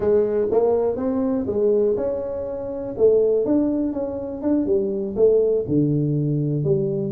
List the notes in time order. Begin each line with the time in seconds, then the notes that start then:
0.00 G#3
0.51 A#3
0.96 C4
1.46 G#3
1.96 C#4
2.97 A3
3.45 D4
3.92 C#4
4.42 D4
4.65 G3
5.15 A3
5.67 D3
6.64 G3